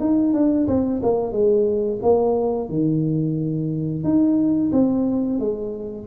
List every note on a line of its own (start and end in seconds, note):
0.00 0.33 D#4
0.33 0.67 D4
0.68 1.01 C4
1.03 1.32 A#3
1.32 2.00 G#3
2.03 2.69 A#3
2.69 4.04 D#3
4.04 4.71 D#4
4.72 5.40 C4
5.40 6.07 G#3